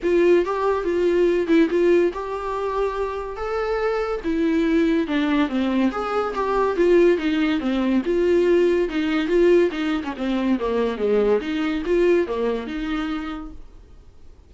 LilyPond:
\new Staff \with { instrumentName = "viola" } { \time 4/4 \tempo 4 = 142 f'4 g'4 f'4. e'8 | f'4 g'2. | a'2 e'2 | d'4 c'4 gis'4 g'4 |
f'4 dis'4 c'4 f'4~ | f'4 dis'4 f'4 dis'8. cis'16 | c'4 ais4 gis4 dis'4 | f'4 ais4 dis'2 | }